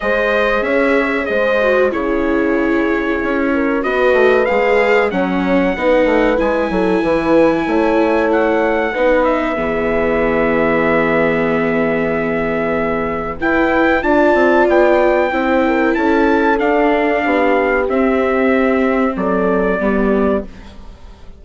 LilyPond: <<
  \new Staff \with { instrumentName = "trumpet" } { \time 4/4 \tempo 4 = 94 dis''4 e''4 dis''4 cis''4~ | cis''2 dis''4 f''4 | fis''2 gis''2~ | gis''4 fis''4. e''4.~ |
e''1~ | e''4 g''4 a''4 g''4~ | g''4 a''4 f''2 | e''2 d''2 | }
  \new Staff \with { instrumentName = "horn" } { \time 4/4 c''4 cis''4 c''4 gis'4~ | gis'4. ais'8 b'2 | cis''4 b'4. a'8 b'4 | cis''2 b'4 gis'4~ |
gis'1~ | gis'4 b'4 d''2 | c''8 ais'8 a'2 g'4~ | g'2 a'4 g'4 | }
  \new Staff \with { instrumentName = "viola" } { \time 4/4 gis'2~ gis'8 fis'8 e'4~ | e'2 fis'4 gis'4 | cis'4 dis'4 e'2~ | e'2 dis'4 b4~ |
b1~ | b4 e'4 f'2 | e'2 d'2 | c'2. b4 | }
  \new Staff \with { instrumentName = "bassoon" } { \time 4/4 gis4 cis'4 gis4 cis4~ | cis4 cis'4 b8 a8 gis4 | fis4 b8 a8 gis8 fis8 e4 | a2 b4 e4~ |
e1~ | e4 e'4 d'8 c'8 b4 | c'4 cis'4 d'4 b4 | c'2 fis4 g4 | }
>>